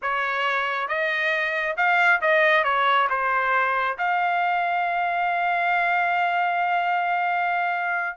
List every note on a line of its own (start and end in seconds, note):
0.02 0.87 C#5
0.87 1.76 D#5
1.76 2.20 F5
2.21 2.64 D#5
2.64 3.08 C#5
3.09 3.97 C5
3.97 8.16 F5